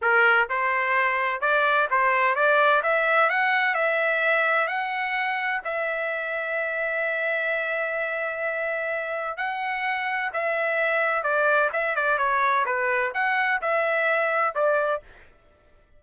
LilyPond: \new Staff \with { instrumentName = "trumpet" } { \time 4/4 \tempo 4 = 128 ais'4 c''2 d''4 | c''4 d''4 e''4 fis''4 | e''2 fis''2 | e''1~ |
e''1 | fis''2 e''2 | d''4 e''8 d''8 cis''4 b'4 | fis''4 e''2 d''4 | }